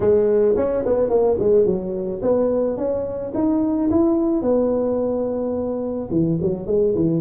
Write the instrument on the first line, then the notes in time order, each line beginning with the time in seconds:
tuba
0.00 G#3
0.56 C#4
0.85 B3
1.09 A#3
1.39 G#3
1.65 F#3
2.21 B3
2.77 C#4
3.34 D#4
3.90 E4
4.42 B3
6.11 E3
6.41 F#3
6.66 G#3
6.94 E3